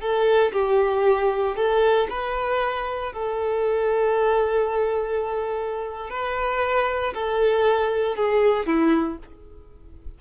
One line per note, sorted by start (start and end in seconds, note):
0.00 0.52 A4
0.52 1.56 G4
1.56 2.07 A4
2.09 3.12 B4
3.12 6.10 A4
6.10 7.13 B4
7.14 8.16 A4
8.16 8.66 G#4
8.66 9.18 E4